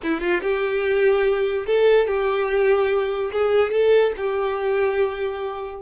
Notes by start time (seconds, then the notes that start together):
0.03 E4
0.20 F4
0.41 G4
1.66 A4
2.07 G4
3.32 G#4
3.71 A4
4.17 G4